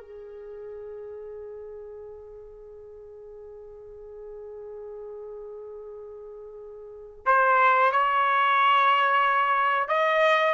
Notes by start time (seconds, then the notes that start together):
0.00 G#4
7.26 C5
7.92 C#5
9.88 D#5